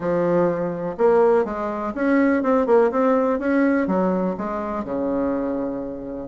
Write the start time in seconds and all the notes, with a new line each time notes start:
0.00 F3
0.97 A#3
1.45 G#3
1.94 C#4
2.42 C4
2.66 A#3
2.91 C4
3.39 C#4
3.87 F#3
4.37 G#3
4.84 C#3